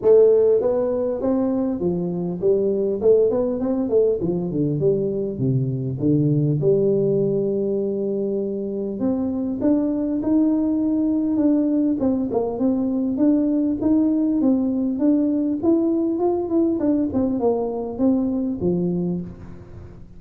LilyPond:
\new Staff \with { instrumentName = "tuba" } { \time 4/4 \tempo 4 = 100 a4 b4 c'4 f4 | g4 a8 b8 c'8 a8 f8 d8 | g4 c4 d4 g4~ | g2. c'4 |
d'4 dis'2 d'4 | c'8 ais8 c'4 d'4 dis'4 | c'4 d'4 e'4 f'8 e'8 | d'8 c'8 ais4 c'4 f4 | }